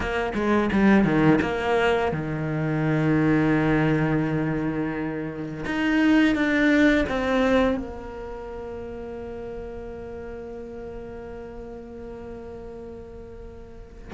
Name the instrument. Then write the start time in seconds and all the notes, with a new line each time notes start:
cello
0.00 A#3
0.34 G#3
0.72 G3
1.04 D#3
1.41 A#3
2.12 D#3
5.65 D#4
6.35 D4
7.08 C4
7.76 A#3